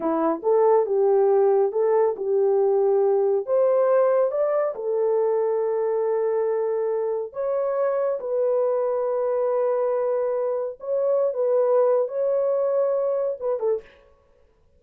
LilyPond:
\new Staff \with { instrumentName = "horn" } { \time 4/4 \tempo 4 = 139 e'4 a'4 g'2 | a'4 g'2. | c''2 d''4 a'4~ | a'1~ |
a'4 cis''2 b'4~ | b'1~ | b'4 cis''4~ cis''16 b'4.~ b'16 | cis''2. b'8 a'8 | }